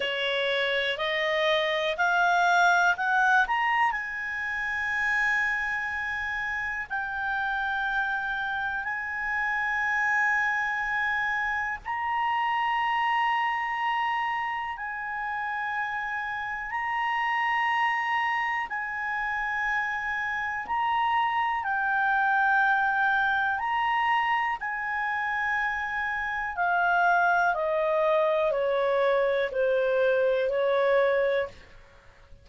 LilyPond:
\new Staff \with { instrumentName = "clarinet" } { \time 4/4 \tempo 4 = 61 cis''4 dis''4 f''4 fis''8 ais''8 | gis''2. g''4~ | g''4 gis''2. | ais''2. gis''4~ |
gis''4 ais''2 gis''4~ | gis''4 ais''4 g''2 | ais''4 gis''2 f''4 | dis''4 cis''4 c''4 cis''4 | }